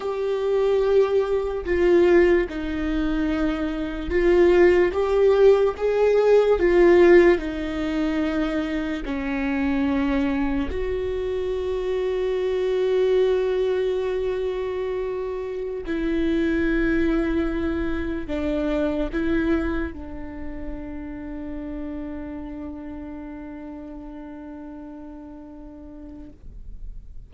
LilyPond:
\new Staff \with { instrumentName = "viola" } { \time 4/4 \tempo 4 = 73 g'2 f'4 dis'4~ | dis'4 f'4 g'4 gis'4 | f'4 dis'2 cis'4~ | cis'4 fis'2.~ |
fis'2.~ fis'16 e'8.~ | e'2~ e'16 d'4 e'8.~ | e'16 d'2.~ d'8.~ | d'1 | }